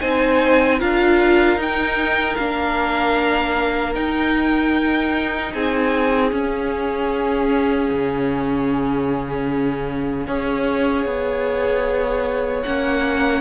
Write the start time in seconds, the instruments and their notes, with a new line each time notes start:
0.00 cello C4, viola D#4, violin C5 G#5
0.79 cello D4, viola F4, violin A#4 F5
1.56 cello D#4, viola D#4, violin G5
2.35 cello A#3, viola D4, violin F5
3.94 viola D#4, cello D#4, violin G5
5.53 cello C4, violin G#4 G#5
6.31 viola C#4, cello C#4, violin F5
7.90 cello C#3
10.27 cello C#4, viola G#4, violin C#5
11.05 cello B3
12.63 cello A#3, viola C#4, violin F#5